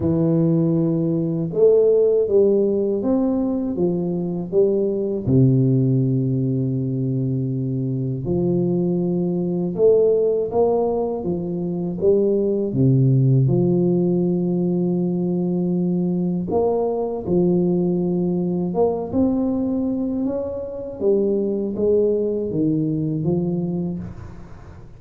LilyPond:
\new Staff \with { instrumentName = "tuba" } { \time 4/4 \tempo 4 = 80 e2 a4 g4 | c'4 f4 g4 c4~ | c2. f4~ | f4 a4 ais4 f4 |
g4 c4 f2~ | f2 ais4 f4~ | f4 ais8 c'4. cis'4 | g4 gis4 dis4 f4 | }